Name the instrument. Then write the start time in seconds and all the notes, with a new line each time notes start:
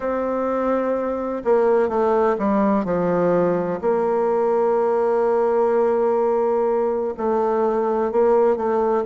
bassoon
0.00 C4
1.44 A#3
1.88 A3
2.38 G3
2.84 F3
3.81 A#3
7.17 A3
8.11 A#3
8.56 A3